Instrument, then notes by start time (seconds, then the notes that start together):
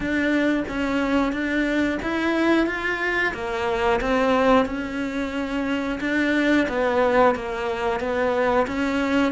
cello
0.00 D4
0.68 C#4
1.32 D4
2.02 E4
2.66 F4
3.33 A#3
4.00 C4
4.65 C#4
6.00 D4
6.68 B3
7.35 A#3
7.99 B3
8.67 C#4